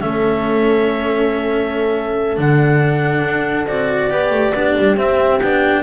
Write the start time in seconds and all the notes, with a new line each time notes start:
0.00 A3 C#4 A4 E5
2.36 D3 D4 F#5
3.24 D4
3.66 C4 F#4 D5
4.10 B3 G4 B4
4.30 A3
4.54 B3 D4 G4
4.78 G3
4.96 C4 E5
5.39 B3 D4 G5